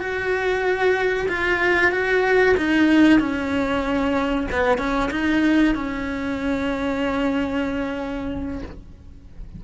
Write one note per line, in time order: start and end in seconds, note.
0.00 1.28 F#4
1.29 1.92 F4
1.92 2.56 F#4
2.58 3.20 D#4
3.20 4.48 C#4
4.52 4.78 B3
4.78 5.10 C#4
5.12 5.75 D#4
5.75 8.63 C#4